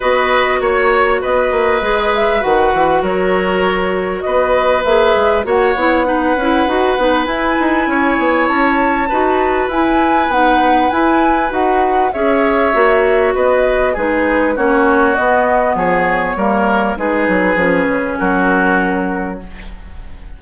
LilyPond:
<<
  \new Staff \with { instrumentName = "flute" } { \time 4/4 \tempo 4 = 99 dis''4 cis''4 dis''4. e''8 | fis''4 cis''2 dis''4 | e''4 fis''2. | gis''2 a''2 |
gis''4 fis''4 gis''4 fis''4 | e''2 dis''4 b'4 | cis''4 dis''4 cis''2 | b'2 ais'2 | }
  \new Staff \with { instrumentName = "oboe" } { \time 4/4 b'4 cis''4 b'2~ | b'4 ais'2 b'4~ | b'4 cis''4 b'2~ | b'4 cis''2 b'4~ |
b'1 | cis''2 b'4 gis'4 | fis'2 gis'4 ais'4 | gis'2 fis'2 | }
  \new Staff \with { instrumentName = "clarinet" } { \time 4/4 fis'2. gis'4 | fis'1 | gis'4 fis'8 e'8 dis'8 e'8 fis'8 dis'8 | e'2. fis'4 |
e'4 dis'4 e'4 fis'4 | gis'4 fis'2 dis'4 | cis'4 b2 ais4 | dis'4 cis'2. | }
  \new Staff \with { instrumentName = "bassoon" } { \time 4/4 b4 ais4 b8 ais8 gis4 | dis8 e8 fis2 b4 | ais8 gis8 ais8 b4 cis'8 dis'8 b8 | e'8 dis'8 cis'8 b8 cis'4 dis'4 |
e'4 b4 e'4 dis'4 | cis'4 ais4 b4 gis4 | ais4 b4 f4 g4 | gis8 fis8 f8 cis8 fis2 | }
>>